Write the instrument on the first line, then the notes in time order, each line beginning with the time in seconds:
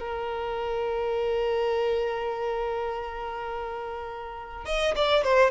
violin
0.00 A#4
4.66 D#5
4.96 D5
5.24 C5